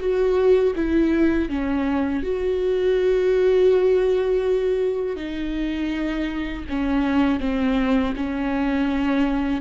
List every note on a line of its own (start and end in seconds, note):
0.00 0.74 F#4
0.76 1.49 E4
1.49 2.24 C#4
2.24 5.17 F#4
5.17 6.65 D#4
6.69 7.40 C#4
7.40 8.14 C4
8.17 9.62 C#4